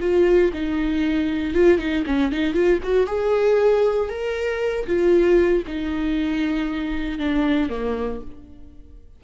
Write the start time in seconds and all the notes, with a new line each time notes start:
0.00 F4
0.53 D#4
1.54 F4
1.78 D#4
2.06 C#4
2.32 D#4
2.54 F4
2.83 F#4
3.07 G#4
4.09 A#4
4.86 F4
5.67 D#4
7.18 D4
7.69 A#3